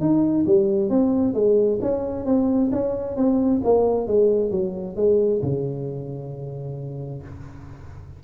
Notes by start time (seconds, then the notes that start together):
0.00 D#4
0.46 G3
0.90 C4
1.34 G#3
1.81 C#4
2.26 C4
2.72 C#4
3.16 C4
3.64 A#3
4.07 G#3
4.51 F#3
4.96 G#3
5.42 C#3